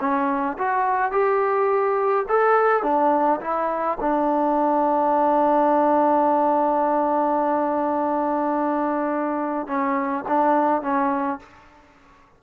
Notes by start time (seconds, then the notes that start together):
0.00 C#4
0.58 F#4
1.11 G4
2.29 A4
2.83 D4
3.41 E4
4.00 D4
9.68 C#4
10.28 D4
10.82 C#4